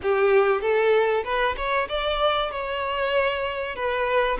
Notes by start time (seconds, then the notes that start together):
0.02 G4
0.61 A4
1.24 B4
1.56 C#5
1.88 D5
2.51 C#5
3.75 B4